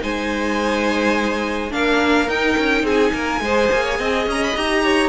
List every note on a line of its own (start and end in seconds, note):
0.00 1.72 G#3
0.00 1.70 D#4
0.00 1.72 C5
0.00 1.73 G#5
1.71 2.28 A#3
1.71 2.27 D4
1.71 2.85 A#4
1.71 2.29 F5
2.28 2.56 D#4
2.28 3.42 D#4
2.28 2.86 G5
2.58 2.83 C#4
2.83 3.12 C4
2.83 3.13 G#4
2.83 4.28 G#5
3.13 3.41 A#3
3.13 3.42 A#4
3.41 3.69 G#3
3.41 4.57 G#4
3.41 3.84 C5
3.72 3.99 A#3
3.84 3.98 C#5
3.98 4.27 C4
3.98 4.83 D#5
4.27 4.55 C#4
4.27 4.44 A#5
4.44 4.56 B5
4.56 5.09 D#4
4.56 5.09 G4
4.56 5.09 A#5
4.84 5.09 C#5